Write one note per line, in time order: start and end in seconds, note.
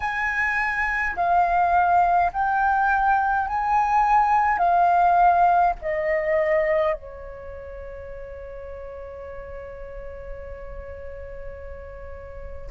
0.00 1.15 G#5
1.15 2.31 F5
2.32 3.47 G5
3.47 4.58 G#5
4.58 5.73 F5
5.81 6.93 D#5
6.93 12.70 C#5